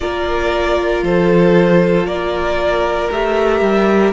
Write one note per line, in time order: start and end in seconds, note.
0.00 1.02 A#3
0.00 3.11 F4
0.00 1.03 A#4
0.00 1.03 D5
1.02 2.05 F3
1.02 2.07 A4
1.02 2.06 C5
2.05 3.09 A#3
2.05 4.12 A#4
2.05 3.09 D5
3.11 3.61 A3
3.11 4.12 G4
3.11 4.12 E5
3.61 4.12 G3